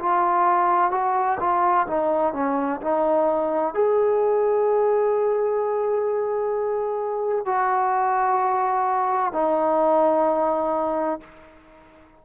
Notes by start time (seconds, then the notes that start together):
0.00 F4
0.92 F#4
1.40 F4
1.87 D#4
2.34 C#4
2.81 D#4
3.75 G#4
7.46 F#4
9.33 D#4